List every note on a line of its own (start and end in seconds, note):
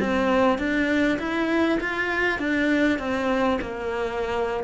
0.00 0.58 C4
0.58 1.18 D4
1.19 1.79 E4
1.80 2.39 F4
2.39 2.99 D4
2.99 3.59 C4
3.61 4.64 A#3